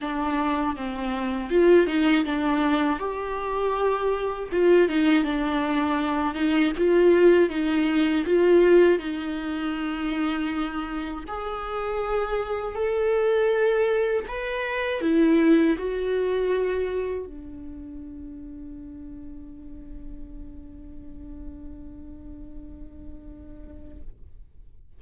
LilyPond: \new Staff \with { instrumentName = "viola" } { \time 4/4 \tempo 4 = 80 d'4 c'4 f'8 dis'8 d'4 | g'2 f'8 dis'8 d'4~ | d'8 dis'8 f'4 dis'4 f'4 | dis'2. gis'4~ |
gis'4 a'2 b'4 | e'4 fis'2 d'4~ | d'1~ | d'1 | }